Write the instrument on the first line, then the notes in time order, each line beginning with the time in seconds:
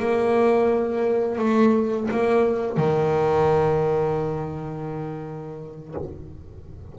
double bass
0.00 A#3
1.39 A3
2.12 A#3
2.78 D#3